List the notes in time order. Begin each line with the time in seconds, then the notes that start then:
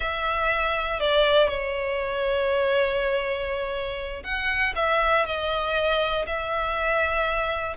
0.00 E5
1.00 D5
1.48 C#5
4.23 F#5
4.75 E5
5.25 D#5
6.26 E5